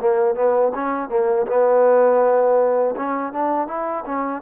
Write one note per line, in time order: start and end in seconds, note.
0.00 0.35 A#3
0.35 0.72 B3
0.74 1.09 C#4
1.09 1.46 A#3
1.47 2.95 B3
2.96 3.32 C#4
3.32 3.67 D4
3.67 4.04 E4
4.05 4.42 C#4